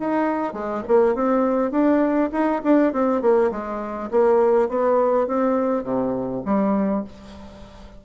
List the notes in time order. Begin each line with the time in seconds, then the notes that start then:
0.00 D#4
0.54 G#3
0.88 A#3
1.15 C4
1.72 D4
2.33 D#4
2.64 D4
2.93 C4
3.22 A#3
3.52 G#3
4.11 A#3
4.69 B3
5.28 C4
5.84 C3
6.46 G3